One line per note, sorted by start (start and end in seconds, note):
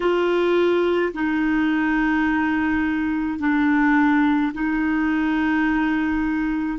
0.00 1.13 F4
1.14 3.39 D#4
3.39 4.52 D4
4.53 6.79 D#4